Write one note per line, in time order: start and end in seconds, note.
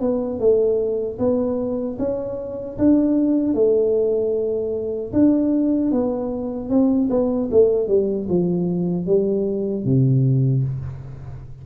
0.00 0.39 B3
0.39 1.18 A3
1.18 1.97 B3
1.99 2.78 C#4
2.78 3.54 D4
3.54 5.12 A3
5.13 5.92 D4
5.92 6.69 B3
6.69 7.09 C4
7.10 7.49 B3
7.51 7.88 A3
7.88 8.27 G3
8.29 9.06 F3
9.06 9.85 G3
9.85 10.64 C3